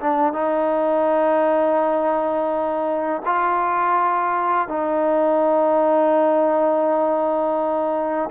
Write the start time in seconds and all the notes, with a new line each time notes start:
0.00 D4
0.33 D#4
3.25 F4
4.68 D#4